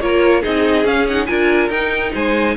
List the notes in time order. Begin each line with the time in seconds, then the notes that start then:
0.00 A#3 F4 A#4 C#5
0.42 C4 D#4 G#4 D#5
0.85 C#4 F5
1.09 D#4 F#5
1.27 D4 F4 A#4 G#5
1.69 D#4 G5
2.14 G#3 C5 G#5